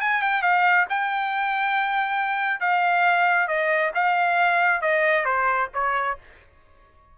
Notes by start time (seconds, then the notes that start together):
0.00 G#5
0.22 G5
0.42 F5
0.89 G5
2.60 F5
3.48 D#5
3.95 F5
4.81 D#5
5.25 C5
5.74 C#5